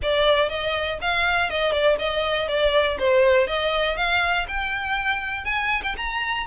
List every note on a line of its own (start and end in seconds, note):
0.02 0.49 D5
0.49 0.98 D#5
1.01 1.50 F5
1.50 1.72 D#5
1.72 1.96 D5
1.99 2.47 D#5
2.47 2.97 D5
2.98 3.47 C5
3.47 3.96 D#5
3.96 4.46 F5
4.48 5.44 G5
5.44 5.82 G#5
5.83 5.95 G5
5.97 6.46 A#5